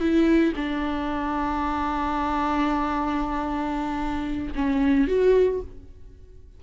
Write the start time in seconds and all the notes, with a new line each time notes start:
0.00 E4
0.56 D4
4.55 C#4
5.08 F#4